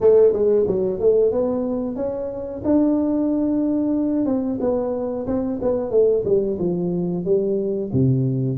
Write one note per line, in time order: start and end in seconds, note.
0.00 0.33 A3
0.33 0.66 G#3
0.67 0.99 F#3
0.99 1.31 A3
1.31 1.95 B3
1.95 2.61 C#4
2.64 4.25 D4
4.25 4.58 C4
4.60 5.26 B3
5.26 5.59 C4
5.61 5.90 B3
5.90 6.23 A3
6.25 6.58 G3
6.58 7.24 F3
7.24 7.90 G3
7.92 8.58 C3